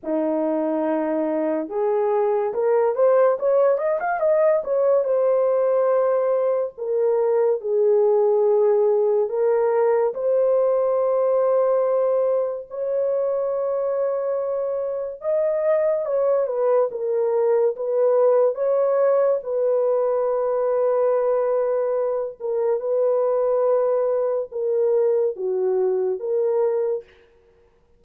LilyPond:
\new Staff \with { instrumentName = "horn" } { \time 4/4 \tempo 4 = 71 dis'2 gis'4 ais'8 c''8 | cis''8 dis''16 f''16 dis''8 cis''8 c''2 | ais'4 gis'2 ais'4 | c''2. cis''4~ |
cis''2 dis''4 cis''8 b'8 | ais'4 b'4 cis''4 b'4~ | b'2~ b'8 ais'8 b'4~ | b'4 ais'4 fis'4 ais'4 | }